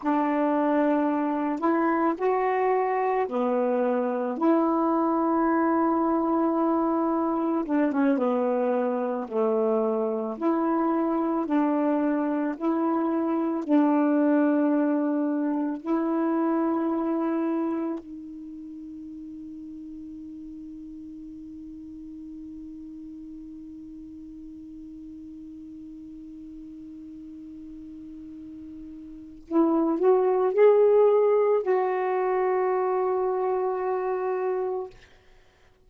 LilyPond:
\new Staff \with { instrumentName = "saxophone" } { \time 4/4 \tempo 4 = 55 d'4. e'8 fis'4 b4 | e'2. d'16 cis'16 b8~ | b8 a4 e'4 d'4 e'8~ | e'8 d'2 e'4.~ |
e'8 dis'2.~ dis'8~ | dis'1~ | dis'2. e'8 fis'8 | gis'4 fis'2. | }